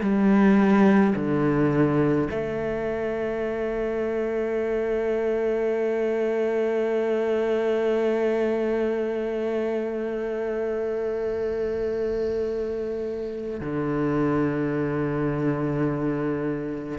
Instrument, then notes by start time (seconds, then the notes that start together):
cello
0.00 G3
1.15 D3
2.30 A3
13.60 D3